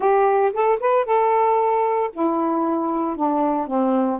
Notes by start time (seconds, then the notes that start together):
0.00 G4
0.53 A4
0.80 B4
1.05 A4
2.12 E4
3.16 D4
3.67 C4